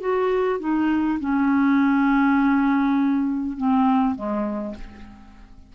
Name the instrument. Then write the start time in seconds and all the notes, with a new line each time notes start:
clarinet
0.00 F#4
0.59 D#4
1.20 C#4
3.57 C4
4.15 G#3